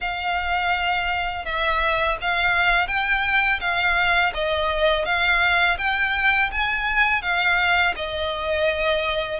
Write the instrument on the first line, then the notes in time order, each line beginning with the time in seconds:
violin
0.00 F5
1.45 E5
2.20 F5
2.87 G5
3.60 F5
4.33 D#5
5.05 F5
5.78 G5
6.51 G#5
7.22 F5
7.96 D#5